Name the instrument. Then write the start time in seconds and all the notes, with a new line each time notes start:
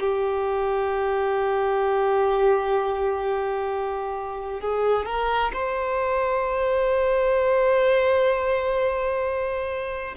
violin
0.00 G4
4.61 G#4
5.06 A#4
5.53 C5